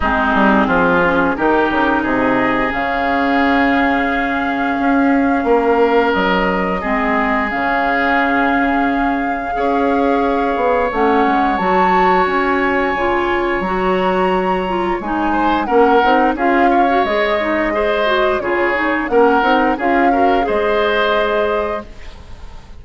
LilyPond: <<
  \new Staff \with { instrumentName = "flute" } { \time 4/4 \tempo 4 = 88 gis'2 ais'4 dis''4 | f''1~ | f''4 dis''2 f''4~ | f''1 |
fis''4 a''4 gis''2 | ais''2 gis''4 fis''4 | f''4 dis''2 cis''4 | fis''4 f''4 dis''2 | }
  \new Staff \with { instrumentName = "oboe" } { \time 4/4 dis'4 f'4 g'4 gis'4~ | gis'1 | ais'2 gis'2~ | gis'2 cis''2~ |
cis''1~ | cis''2~ cis''8 c''8 ais'4 | gis'8 cis''4. c''4 gis'4 | ais'4 gis'8 ais'8 c''2 | }
  \new Staff \with { instrumentName = "clarinet" } { \time 4/4 c'4. cis'8 dis'2 | cis'1~ | cis'2 c'4 cis'4~ | cis'2 gis'2 |
cis'4 fis'2 f'4 | fis'4. f'8 dis'4 cis'8 dis'8 | f'8. fis'16 gis'8 dis'8 gis'8 fis'8 f'8 dis'8 | cis'8 dis'8 f'8 fis'8 gis'2 | }
  \new Staff \with { instrumentName = "bassoon" } { \time 4/4 gis8 g8 f4 dis8 cis8 c4 | cis2. cis'4 | ais4 fis4 gis4 cis4~ | cis2 cis'4. b8 |
a8 gis8 fis4 cis'4 cis4 | fis2 gis4 ais8 c'8 | cis'4 gis2 cis4 | ais8 c'8 cis'4 gis2 | }
>>